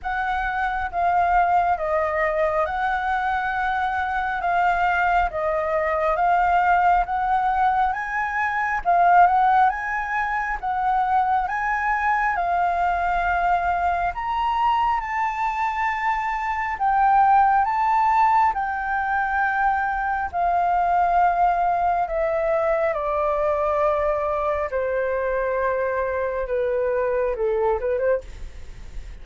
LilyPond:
\new Staff \with { instrumentName = "flute" } { \time 4/4 \tempo 4 = 68 fis''4 f''4 dis''4 fis''4~ | fis''4 f''4 dis''4 f''4 | fis''4 gis''4 f''8 fis''8 gis''4 | fis''4 gis''4 f''2 |
ais''4 a''2 g''4 | a''4 g''2 f''4~ | f''4 e''4 d''2 | c''2 b'4 a'8 b'16 c''16 | }